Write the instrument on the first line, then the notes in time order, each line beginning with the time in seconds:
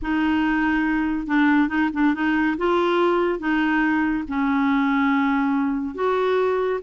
clarinet
0.02 D#4
1.26 D4
1.68 D#4
1.93 D4
2.14 D#4
2.57 F4
3.39 D#4
4.28 C#4
5.95 F#4